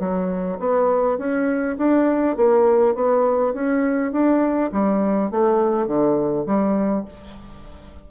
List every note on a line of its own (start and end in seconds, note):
0.00 0.59 F#3
0.60 1.18 B3
1.18 1.77 C#4
1.78 2.37 D4
2.37 2.95 A#3
2.95 3.54 B3
3.54 4.12 C#4
4.12 4.71 D4
4.72 5.31 G3
5.31 5.87 A3
5.87 6.46 D3
6.47 7.05 G3